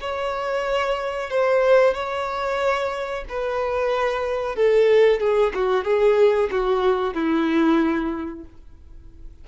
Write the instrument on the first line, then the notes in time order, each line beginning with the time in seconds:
violin
0.00 C#5
1.30 C5
1.94 C#5
3.28 B4
4.55 A4
5.20 G#4
5.54 F#4
5.84 G#4
6.51 F#4
7.14 E4